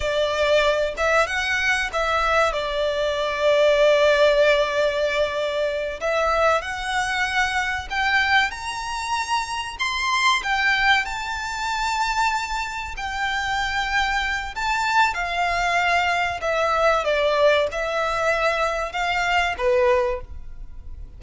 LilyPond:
\new Staff \with { instrumentName = "violin" } { \time 4/4 \tempo 4 = 95 d''4. e''8 fis''4 e''4 | d''1~ | d''4. e''4 fis''4.~ | fis''8 g''4 ais''2 c'''8~ |
c'''8 g''4 a''2~ a''8~ | a''8 g''2~ g''8 a''4 | f''2 e''4 d''4 | e''2 f''4 b'4 | }